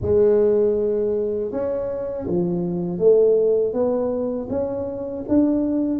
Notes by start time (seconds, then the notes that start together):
0.01 G#3
1.51 C#4
2.27 F3
2.98 A3
3.73 B3
4.49 C#4
5.28 D4